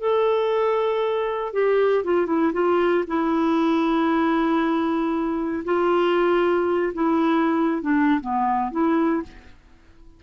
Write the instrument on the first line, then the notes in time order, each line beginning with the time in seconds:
clarinet
0.00 A4
1.53 G4
2.04 F4
2.27 E4
2.53 F4
3.07 E4
5.65 F4
6.94 E4
7.82 D4
8.21 B3
8.71 E4